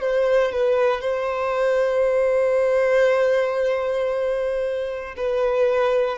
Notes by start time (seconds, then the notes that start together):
0.00 C5
0.52 B4
1.01 C5
5.17 B4